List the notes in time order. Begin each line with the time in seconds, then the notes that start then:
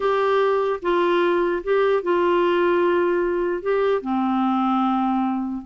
0.00 G4
0.82 F4
1.63 G4
2.02 F4
3.62 G4
4.01 C4